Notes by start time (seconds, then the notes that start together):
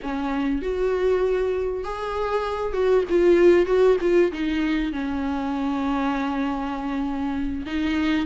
0.02 C#4
0.62 F#4
1.83 G#4
2.73 F#4
3.09 F4
3.66 F#4
4.00 F4
4.32 D#4
4.92 C#4
7.66 D#4